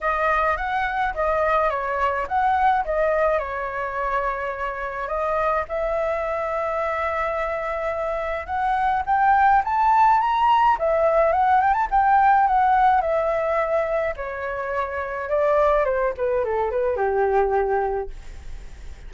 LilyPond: \new Staff \with { instrumentName = "flute" } { \time 4/4 \tempo 4 = 106 dis''4 fis''4 dis''4 cis''4 | fis''4 dis''4 cis''2~ | cis''4 dis''4 e''2~ | e''2. fis''4 |
g''4 a''4 ais''4 e''4 | fis''8 g''16 a''16 g''4 fis''4 e''4~ | e''4 cis''2 d''4 | c''8 b'8 a'8 b'8 g'2 | }